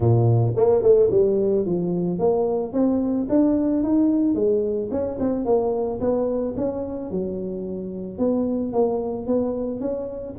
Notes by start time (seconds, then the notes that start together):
0.00 A#2
0.56 A#3
0.82 A3
1.11 G3
1.65 F3
2.18 A#3
2.72 C4
3.29 D4
3.83 D#4
4.34 G#3
4.91 C#4
5.19 C4
5.45 A#3
6.00 B3
6.56 C#4
7.10 F#3
8.18 B3
8.72 A#3
9.26 B3
9.80 C#4